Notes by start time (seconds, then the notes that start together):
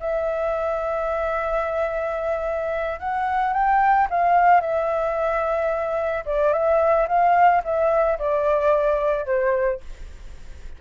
0.00 E5
3.00 F#5
3.53 G5
4.10 F5
4.61 E5
6.26 D5
6.53 E5
7.08 F5
7.64 E5
8.19 D5
9.26 C5